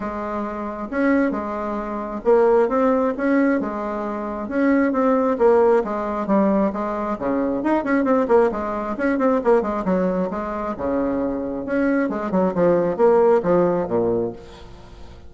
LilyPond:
\new Staff \with { instrumentName = "bassoon" } { \time 4/4 \tempo 4 = 134 gis2 cis'4 gis4~ | gis4 ais4 c'4 cis'4 | gis2 cis'4 c'4 | ais4 gis4 g4 gis4 |
cis4 dis'8 cis'8 c'8 ais8 gis4 | cis'8 c'8 ais8 gis8 fis4 gis4 | cis2 cis'4 gis8 fis8 | f4 ais4 f4 ais,4 | }